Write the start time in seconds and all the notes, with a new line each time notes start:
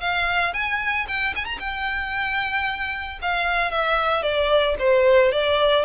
0.00 F5
0.53 G#5
1.07 G5
1.35 G#5
1.45 A#5
1.59 G5
3.22 F5
3.71 E5
4.22 D5
4.79 C5
5.32 D5